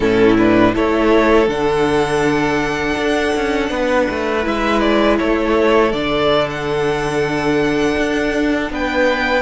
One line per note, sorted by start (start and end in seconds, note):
0.00 0.73 A2
0.00 0.37 C#4
0.00 0.74 E4
0.00 0.36 A4
0.37 0.73 D4
0.37 0.74 B4
0.73 1.47 A3
0.73 1.47 E4
0.73 3.70 A4
0.73 1.49 C#5
1.47 2.95 D3
1.47 4.43 D4
1.47 4.45 F#5
2.96 3.33 D4
3.35 3.70 C#4
3.70 4.07 B3
3.70 5.18 B4
4.10 4.46 A3
4.43 5.20 G#3
4.43 5.91 E4
4.43 4.80 E5
4.80 5.17 D5
5.18 5.92 A3
5.18 8.71 A4
5.18 5.92 C#5
5.92 7.96 D3
5.92 9.42 D4
5.92 6.48 D5
6.50 8.72 F#5
7.97 8.70 D4
8.70 9.42 B3
8.70 9.42 B4
8.70 9.42 G5